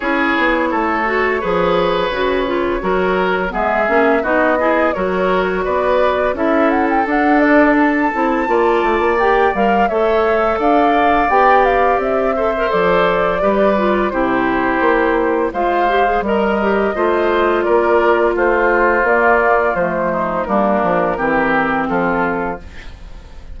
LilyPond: <<
  \new Staff \with { instrumentName = "flute" } { \time 4/4 \tempo 4 = 85 cis''1~ | cis''4 e''4 dis''4 cis''4 | d''4 e''8 fis''16 g''16 fis''8 d''8 a''4~ | a''4 g''8 f''8 e''4 f''4 |
g''8 f''8 e''4 d''2 | c''2 f''4 dis''4~ | dis''4 d''4 c''4 d''4 | c''4 ais'2 a'4 | }
  \new Staff \with { instrumentName = "oboe" } { \time 4/4 gis'4 a'4 b'2 | ais'4 gis'4 fis'8 gis'8 ais'4 | b'4 a'2. | d''2 cis''4 d''4~ |
d''4. c''4. b'4 | g'2 c''4 ais'4 | c''4 ais'4 f'2~ | f'8 dis'8 d'4 g'4 f'4 | }
  \new Staff \with { instrumentName = "clarinet" } { \time 4/4 e'4. fis'8 gis'4 fis'8 f'8 | fis'4 b8 cis'8 dis'8 e'8 fis'4~ | fis'4 e'4 d'4. e'8 | f'4 g'8 ais'8 a'2 |
g'4. a'16 ais'16 a'4 g'8 f'8 | e'2 f'8 g'16 gis'16 ais'8 g'8 | f'2. ais4 | a4 ais4 c'2 | }
  \new Staff \with { instrumentName = "bassoon" } { \time 4/4 cis'8 b8 a4 f4 cis4 | fis4 gis8 ais8 b4 fis4 | b4 cis'4 d'4. c'8 | ais8 a16 ais8. g8 a4 d'4 |
b4 c'4 f4 g4 | c4 ais4 gis4 g4 | a4 ais4 a4 ais4 | f4 g8 f8 e4 f4 | }
>>